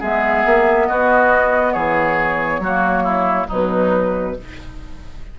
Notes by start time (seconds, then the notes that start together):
0.00 G#3 B3 G#4 E5
0.46 A#3
0.87 B3 F#4 D#5
1.73 E3 G#4 C#5
2.59 F#3 F#4
2.65 A#3
3.04 E4
3.48 B2 F#3 D#4 B4